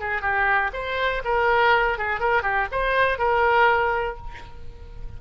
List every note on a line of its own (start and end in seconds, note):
0.00 0.22 G#4
0.22 0.71 G4
0.73 1.23 C5
1.24 1.98 A#4
1.98 2.20 G#4
2.20 2.42 A#4
2.42 2.67 G4
2.71 3.18 C5
3.18 4.17 A#4